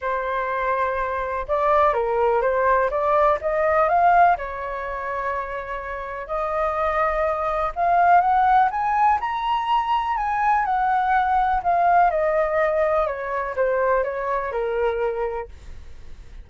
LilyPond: \new Staff \with { instrumentName = "flute" } { \time 4/4 \tempo 4 = 124 c''2. d''4 | ais'4 c''4 d''4 dis''4 | f''4 cis''2.~ | cis''4 dis''2. |
f''4 fis''4 gis''4 ais''4~ | ais''4 gis''4 fis''2 | f''4 dis''2 cis''4 | c''4 cis''4 ais'2 | }